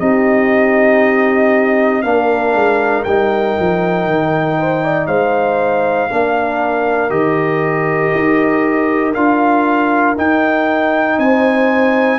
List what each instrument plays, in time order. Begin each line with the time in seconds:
0.00 tuba C4, trombone D#4, horn G4, trumpet D#5
2.02 tuba A#3, trombone D4, horn A#4, trumpet F5
2.55 tuba G#3
3.04 tuba G3, trombone D#4, trumpet G5
3.59 tuba F3
4.06 tuba D#3
4.59 horn C5
4.84 horn D5
5.07 tuba G#3, horn C5, trumpet F5
6.10 tuba A#3, trombone D4, horn A#4
7.10 tuba D#3, trombone G4, trumpet D#5
8.15 tuba D#4
9.14 tuba D4, trombone F4, trumpet F5
10.17 trombone D#4, tuba D#4, trumpet G5
11.18 tuba C4, horn C5, trumpet G#5